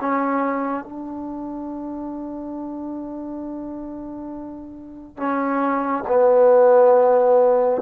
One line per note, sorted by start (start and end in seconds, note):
0.00 0.83 C#4
0.83 5.17 D4
5.17 6.04 C#4
6.08 7.81 B3